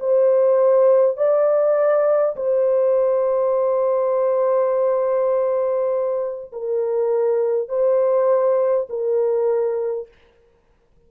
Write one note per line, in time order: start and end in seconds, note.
0.00 1.17 C5
1.17 2.36 D5
2.36 6.52 C5
6.52 7.69 A#4
7.69 8.88 C5
8.89 10.08 A#4